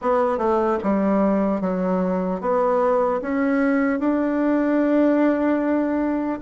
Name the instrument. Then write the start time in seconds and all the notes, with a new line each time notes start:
bassoon
0.01 B3
0.38 A3
0.83 G3
1.60 F#3
2.40 B3
3.21 C#4
3.99 D4